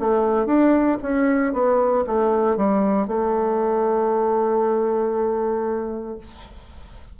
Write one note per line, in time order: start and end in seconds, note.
0.00 0.46 A3
0.46 0.98 D4
1.03 1.53 C#4
1.53 2.05 B3
2.07 2.57 A3
2.57 3.08 G3
3.08 6.18 A3